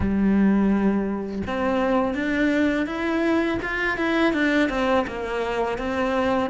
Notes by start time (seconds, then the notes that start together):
0.00 G3
1.46 C4
2.14 D4
2.86 E4
3.61 F4
3.97 E4
4.33 D4
4.69 C4
5.07 A#3
5.78 C4